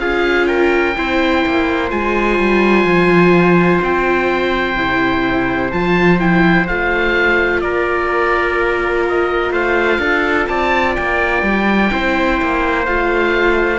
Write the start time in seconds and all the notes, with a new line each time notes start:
0.00 C#4 F4 G#4 F5
0.47 A#4 G5
0.96 C4 E4 C5
1.46 A#3
1.91 G#3 F4 G#5
2.39 G3
2.85 F3
3.82 C4 G5
4.76 C3 E4
5.72 F3 F4 A5
6.20 E4 G5
6.67 A3 F4 F5
7.61 A#3 A#4 D5
9.09 D#5
9.51 A3 C5 F5
9.99 D4 A4
10.47 C4 D5 A5
10.96 A#3 G5
11.43 G3
11.91 C4 E4 C5
12.42 A#3
12.86 A3 F4 F5